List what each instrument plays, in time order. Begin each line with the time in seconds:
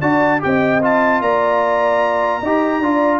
0.00 tuba D4, trombone F#4, horn D5, trumpet A5
0.39 tuba C4, trombone G4, trumpet G5
0.46 horn D#5
0.82 trombone F4, trumpet A5
1.21 tuba A#3, horn D5, trumpet A#5
2.41 tuba D#4, trombone G4, horn D#5
2.80 tuba D4, trombone F4, horn D5